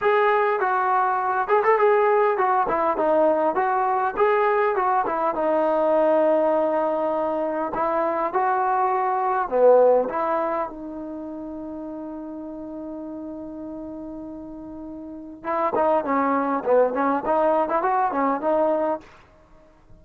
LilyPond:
\new Staff \with { instrumentName = "trombone" } { \time 4/4 \tempo 4 = 101 gis'4 fis'4. gis'16 a'16 gis'4 | fis'8 e'8 dis'4 fis'4 gis'4 | fis'8 e'8 dis'2.~ | dis'4 e'4 fis'2 |
b4 e'4 dis'2~ | dis'1~ | dis'2 e'8 dis'8 cis'4 | b8 cis'8 dis'8. e'16 fis'8 cis'8 dis'4 | }